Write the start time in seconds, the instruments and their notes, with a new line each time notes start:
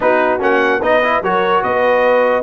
0.00 tuba B3, trombone D#4, horn F#4, trumpet B4
0.39 tuba A#3, trombone C#4, trumpet F#5
0.81 tuba B3, trombone D#4, horn B4, trumpet D#5
1.03 trombone E4
1.21 tuba F#3, trombone F#4, horn A#4, trumpet C#5
1.63 tuba B3, horn B4, trumpet D#5